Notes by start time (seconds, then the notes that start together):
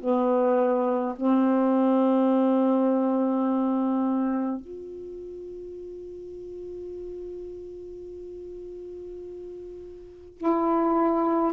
0.00 B3
1.16 C4
4.60 F4
10.37 E4